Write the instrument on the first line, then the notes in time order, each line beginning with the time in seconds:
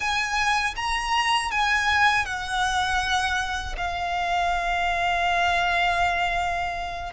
violin
0.00 G#5
0.76 A#5
1.51 G#5
2.25 F#5
3.77 F5